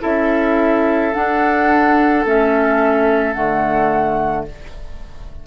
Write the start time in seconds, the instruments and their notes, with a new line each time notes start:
0.00 bassoon C#4, clarinet E4, oboe A4, flute E5
1.13 clarinet D4, bassoon D4, flute F#5
2.24 bassoon A3, clarinet C#4, flute E5
3.33 bassoon D3, clarinet A3, flute F#5